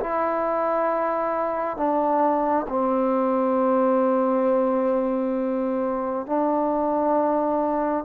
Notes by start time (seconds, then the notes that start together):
0.00 E4
1.77 D4
2.69 C4
6.26 D4